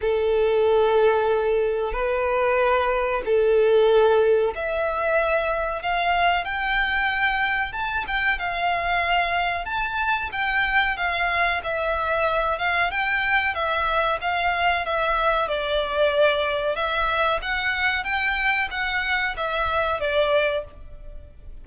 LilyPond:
\new Staff \with { instrumentName = "violin" } { \time 4/4 \tempo 4 = 93 a'2. b'4~ | b'4 a'2 e''4~ | e''4 f''4 g''2 | a''8 g''8 f''2 a''4 |
g''4 f''4 e''4. f''8 | g''4 e''4 f''4 e''4 | d''2 e''4 fis''4 | g''4 fis''4 e''4 d''4 | }